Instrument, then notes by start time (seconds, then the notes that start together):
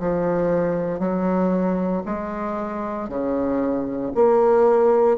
bassoon
0.00 F3
0.99 F#3
2.06 G#3
3.09 C#3
4.15 A#3